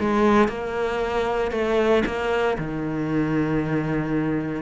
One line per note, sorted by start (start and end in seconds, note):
0.00 0.48 G#3
0.48 1.52 A#3
1.52 2.03 A3
2.06 2.57 A#3
2.58 4.62 D#3